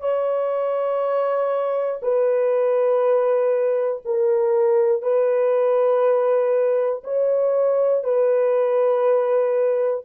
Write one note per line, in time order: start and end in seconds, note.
0.00 2.00 C#5
2.02 4.02 B4
4.05 5.02 A#4
5.02 7.02 B4
7.04 8.03 C#5
8.03 10.03 B4